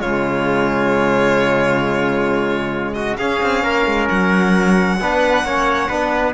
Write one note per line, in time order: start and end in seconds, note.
0.00 3.17 C#3
0.00 3.19 G#3
0.00 2.94 F4
0.00 2.93 C#5
2.93 3.17 F#4
2.93 3.16 D#5
3.17 3.41 C#4
3.17 5.00 C#4
3.17 3.63 G#4
3.17 4.07 F5
3.42 3.63 C4
3.63 3.86 A#3
3.63 4.98 A#4
3.86 4.08 G#3
4.09 5.00 F#3
4.09 6.33 F#5
5.00 5.43 B3
5.00 5.45 D4
5.00 5.45 B4
5.43 5.88 A#3
5.43 5.89 C#4
5.43 5.88 C#5
5.88 6.33 B3
5.88 6.33 D4
5.88 6.33 B4